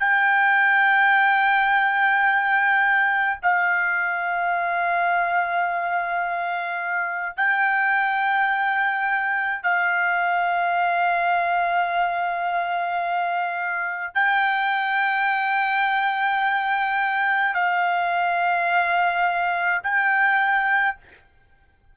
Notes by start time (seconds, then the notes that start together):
0.00 G5
3.43 F5
7.37 G5
9.63 F5
14.15 G5
17.55 F5
19.84 G5